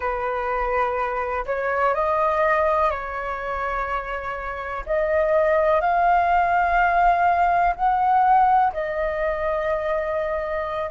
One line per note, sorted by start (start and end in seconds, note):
0.00 1.45 B4
1.46 1.94 C#5
1.94 2.90 D#5
2.90 4.84 C#5
4.86 5.81 D#5
5.81 7.74 F5
7.75 8.72 F#5
8.73 10.90 D#5